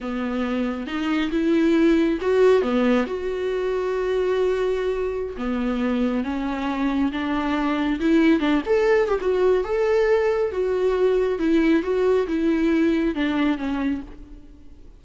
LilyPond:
\new Staff \with { instrumentName = "viola" } { \time 4/4 \tempo 4 = 137 b2 dis'4 e'4~ | e'4 fis'4 b4 fis'4~ | fis'1~ | fis'16 b2 cis'4.~ cis'16~ |
cis'16 d'2 e'4 d'8 a'16~ | a'8. g'16 fis'4 a'2 | fis'2 e'4 fis'4 | e'2 d'4 cis'4 | }